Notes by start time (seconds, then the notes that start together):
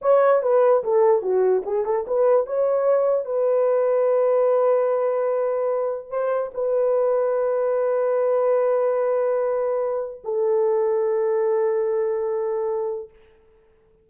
0.01 C#5
0.42 B4
0.83 A4
1.21 F#4
1.65 G#4
1.85 A4
2.07 B4
2.46 C#5
3.25 B4
6.10 C5
6.53 B4
10.24 A4